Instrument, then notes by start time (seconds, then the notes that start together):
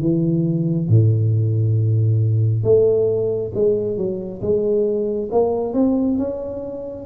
tuba
0.00 E3
0.88 A2
2.64 A3
3.54 G#3
3.97 F#3
4.41 G#3
5.31 A#3
5.74 C4
6.18 C#4